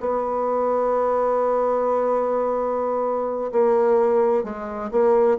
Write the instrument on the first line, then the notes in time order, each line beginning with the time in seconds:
bassoon
0.00 B3
3.52 A#3
4.44 G#3
4.91 A#3